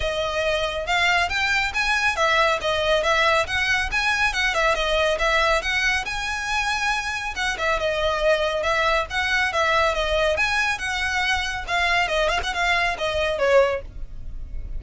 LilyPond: \new Staff \with { instrumentName = "violin" } { \time 4/4 \tempo 4 = 139 dis''2 f''4 g''4 | gis''4 e''4 dis''4 e''4 | fis''4 gis''4 fis''8 e''8 dis''4 | e''4 fis''4 gis''2~ |
gis''4 fis''8 e''8 dis''2 | e''4 fis''4 e''4 dis''4 | gis''4 fis''2 f''4 | dis''8 f''16 fis''16 f''4 dis''4 cis''4 | }